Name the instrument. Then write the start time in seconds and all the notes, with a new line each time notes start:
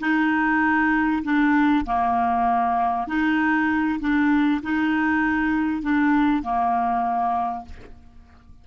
clarinet
0.00 D#4
1.24 D4
1.86 A#3
3.08 D#4
4.00 D4
4.63 D#4
5.82 D4
6.43 A#3